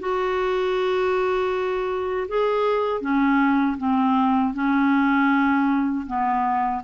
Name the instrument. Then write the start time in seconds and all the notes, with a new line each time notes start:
clarinet
0.00 F#4
2.29 G#4
3.01 C#4
3.78 C4
4.54 C#4
6.07 B3